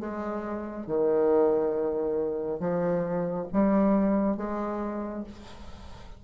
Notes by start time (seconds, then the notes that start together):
0.00 G#3
0.87 D#3
2.60 F3
3.53 G3
4.37 G#3